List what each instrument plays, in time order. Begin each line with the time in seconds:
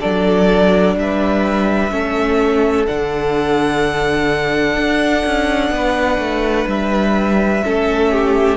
0.00 cello F#3, viola D4, violin A4 D5
0.95 cello G3, violin B4 E5
1.91 cello A3, viola C#4, violin A4
2.86 cello D3, viola D4, violin F#5
4.76 cello D4
5.25 cello C#4
5.70 cello B3, violin B4
6.18 cello A3
6.67 cello G3, violin E5
7.63 cello A3, viola C#4, violin A4
8.11 violin G4